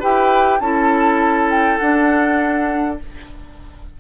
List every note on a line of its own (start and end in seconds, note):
0.00 0.61 E4
0.00 0.61 G4
0.00 0.59 B4
0.00 0.60 G5
0.60 1.79 C#4
0.60 1.81 E4
0.60 3.00 A4
0.60 1.50 A5
1.50 1.78 G5
1.78 3.00 D4
1.78 3.01 D4
1.78 2.97 F#5